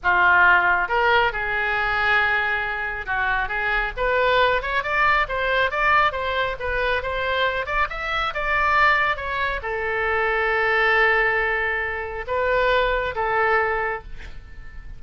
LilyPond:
\new Staff \with { instrumentName = "oboe" } { \time 4/4 \tempo 4 = 137 f'2 ais'4 gis'4~ | gis'2. fis'4 | gis'4 b'4. cis''8 d''4 | c''4 d''4 c''4 b'4 |
c''4. d''8 e''4 d''4~ | d''4 cis''4 a'2~ | a'1 | b'2 a'2 | }